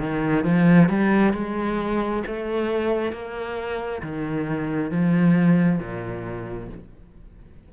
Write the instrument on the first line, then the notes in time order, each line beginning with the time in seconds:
cello
0.00 D#3
0.44 F3
0.89 G3
1.34 G#3
2.27 A3
3.13 A#3
4.03 D#3
4.91 F3
5.79 A#2